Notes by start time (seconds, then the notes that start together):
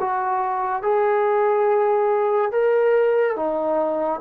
0.00 F#4
0.83 G#4
2.52 A#4
3.36 D#4